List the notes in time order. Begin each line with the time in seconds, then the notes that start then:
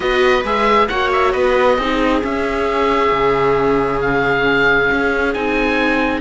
0.00 B3 F#4 B4 D#5
0.44 G#3 G#4 E5
0.88 A#3 F#4 C#5 F#5
1.12 E5
1.32 B3 B4 D#5
1.77 C4 D#4 G#4
2.22 C#4 E5
3.11 C#3
4.01 F5
4.91 C#4
5.33 C4 D#4 G#5